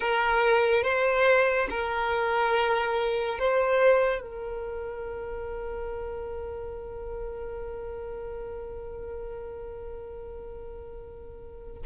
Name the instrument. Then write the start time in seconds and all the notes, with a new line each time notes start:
violin
0.00 A#4
0.83 C5
1.70 A#4
3.38 C5
4.21 A#4